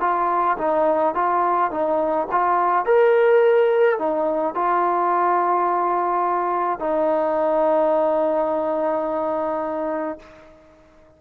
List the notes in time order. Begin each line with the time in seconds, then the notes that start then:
0.00 F4
0.58 D#4
1.14 F4
1.71 D#4
2.31 F4
2.85 A#4
3.98 D#4
4.54 F4
6.79 D#4